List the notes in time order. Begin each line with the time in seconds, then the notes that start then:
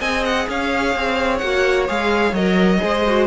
0.00 C4 G#4 D#5 G#5
0.25 F#5
0.49 C#4 C#5 F5
0.95 C4
1.38 A#3 F#4 F#5
1.88 G#3 G#4 F5
2.33 F#3 A#4 D#5
2.79 G#3 G#4 C5
3.08 F#4